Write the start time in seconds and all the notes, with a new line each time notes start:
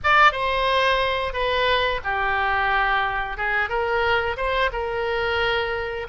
0.03 D5
0.32 C5
1.33 B4
2.04 G4
3.37 G#4
3.69 A#4
4.36 C5
4.72 A#4